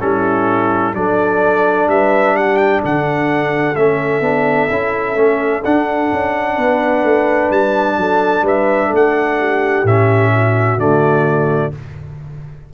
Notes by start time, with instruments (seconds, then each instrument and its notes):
0.00 tuba G3, trombone C#4, horn E4, trumpet A4
0.93 tuba F#3, trombone D4, horn A4, trumpet D5
1.87 tuba G3, horn B4, trumpet E5
2.35 horn G4, trumpet F#5
2.57 trumpet G5
2.82 tuba D3, horn A4, trumpet F#5
3.75 tuba A3, trombone C#4, trumpet E5
4.20 tuba B3, trombone D4
4.70 tuba C#4, trombone E4
5.16 tuba A3, trombone C#4
5.64 tuba D4, trombone D4, trumpet F#5
6.12 tuba C#4
6.55 tuba B3, horn B4
7.03 tuba A3
7.50 tuba G3, trumpet A5
7.97 tuba F#3, horn A4
8.42 tuba G3, horn B4, trumpet E5
8.87 tuba A3, horn A4
8.96 trumpet F#5
9.38 horn G4
9.84 tuba A2, trombone C#4, trumpet E5
10.33 horn F#4
10.78 tuba D3, trombone A3, trumpet D5